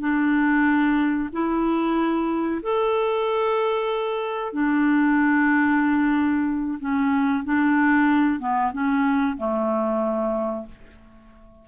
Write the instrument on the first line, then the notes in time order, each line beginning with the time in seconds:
clarinet
0.00 D4
1.32 E4
2.62 A4
4.53 D4
6.80 C#4
7.44 D4
8.40 B3
8.72 C#4
9.37 A3